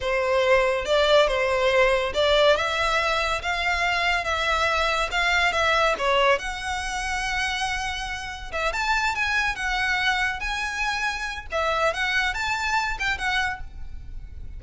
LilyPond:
\new Staff \with { instrumentName = "violin" } { \time 4/4 \tempo 4 = 141 c''2 d''4 c''4~ | c''4 d''4 e''2 | f''2 e''2 | f''4 e''4 cis''4 fis''4~ |
fis''1 | e''8 a''4 gis''4 fis''4.~ | fis''8 gis''2~ gis''8 e''4 | fis''4 a''4. g''8 fis''4 | }